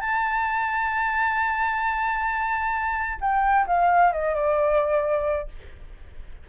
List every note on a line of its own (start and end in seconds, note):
0.00 3.18 A5
3.20 3.66 G5
3.66 4.12 F5
4.12 4.34 D#5
4.34 5.48 D5